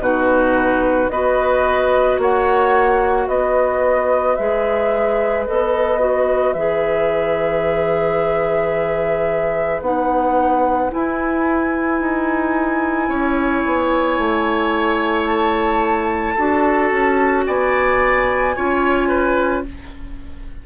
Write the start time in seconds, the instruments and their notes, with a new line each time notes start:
0.00 bassoon B2, clarinet D#4, oboe F#4, flute B4
1.10 bassoon B3, clarinet F#4, oboe B4, flute D#5
2.19 bassoon A#3, oboe C#5, flute F#5
3.28 bassoon B3, oboe B4, flute D#5
4.36 bassoon G#3, clarinet G#4, flute E5
5.47 bassoon B3, clarinet A4, flute D#5
6.00 clarinet F#4
6.54 bassoon E3, clarinet G#4, flute E5
9.82 bassoon B3, clarinet D#4, flute F#5
10.90 clarinet E4, bassoon E4, flute G#5
12.01 bassoon D#4
13.09 bassoon C#4, oboe C#5
13.66 bassoon B3
14.19 bassoon A3
15.26 flute A5
16.35 bassoon D4, clarinet F#4, oboe A4
16.92 bassoon C#4
17.47 bassoon B3, oboe D5, flute G#5
18.56 bassoon C#4, clarinet F4, oboe C#5
19.09 oboe B4